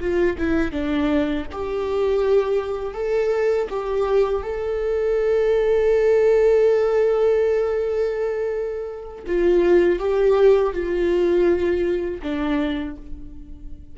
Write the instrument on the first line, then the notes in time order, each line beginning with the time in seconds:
viola
0.00 F4
0.38 E4
0.72 D4
1.52 G4
2.94 A4
3.70 G4
4.43 A4
9.27 F4
10.00 G4
10.73 F4
12.23 D4